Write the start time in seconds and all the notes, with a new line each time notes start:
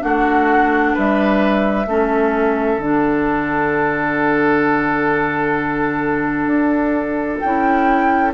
0.00 A3 D4 F#4 F#5
0.94 G3 B4 E5
1.87 A3 C#4 A4
2.78 D3 D4 F#5
6.47 D4
7.40 C#4 E4 G5